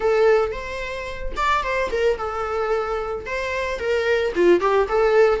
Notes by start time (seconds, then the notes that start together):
0.00 A4
0.51 C5
1.36 D5
1.63 C5
1.91 A#4
2.17 A4
3.26 C5
3.79 A#4
4.35 F4
4.60 G4
4.88 A4